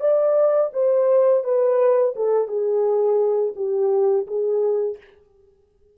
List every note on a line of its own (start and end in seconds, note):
0.00 0.71 D5
0.73 1.43 C5
1.43 2.14 B4
2.16 2.48 A4
2.48 3.54 G#4
3.56 4.26 G4
4.27 4.97 G#4